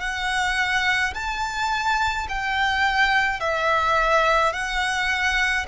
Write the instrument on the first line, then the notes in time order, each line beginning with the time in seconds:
violin
0.00 F#5
1.14 A5
2.28 G5
3.40 E5
4.53 F#5